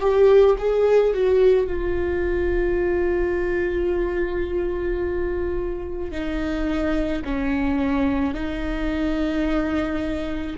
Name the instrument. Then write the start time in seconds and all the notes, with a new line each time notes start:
viola
0.00 G4
0.58 G#4
1.14 F#4
1.67 F4
6.11 D#4
7.24 C#4
8.34 D#4